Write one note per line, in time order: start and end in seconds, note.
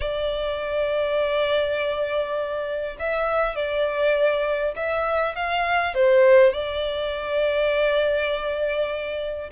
0.00 2.96 D5
2.99 3.55 E5
3.55 4.74 D5
4.76 5.35 E5
5.35 5.94 F5
5.94 6.53 C5
6.53 9.50 D5